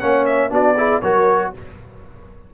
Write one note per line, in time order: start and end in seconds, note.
0.00 0.50 A#3
0.00 0.50 C#4
0.00 0.51 C#5
0.00 0.25 F#5
0.26 0.51 E5
0.50 1.01 B3
0.50 0.75 D4
0.50 0.76 F#4
0.50 1.02 D5
0.77 1.02 E4
0.77 1.03 G#4
1.02 1.53 F#3
1.02 1.54 F#4
1.02 1.53 A#4
1.02 1.52 C#5